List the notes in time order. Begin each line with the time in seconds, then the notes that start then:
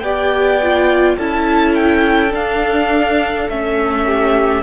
0.00 B3 G4 D5 G5
0.63 F4
1.17 C#4 E4 A4 A5
1.75 G5
2.30 D4 F5
3.49 A3 C#4 E5
4.06 G4